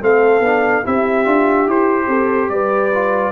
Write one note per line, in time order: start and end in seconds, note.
0.00 0.40 A3
0.00 0.42 C4
0.00 0.85 A4
0.00 0.86 F5
0.40 0.81 B3
0.40 0.84 D4
0.84 1.26 C4
0.84 1.25 E4
0.84 2.09 G4
0.84 1.69 E5
1.25 1.67 D4
1.25 1.66 F4
1.67 2.07 E4
1.67 2.92 G4
1.67 2.49 C5
2.07 2.49 C4
2.07 2.50 A4
2.49 3.32 G3
2.49 3.32 B4
2.49 3.32 D5
2.94 3.32 F4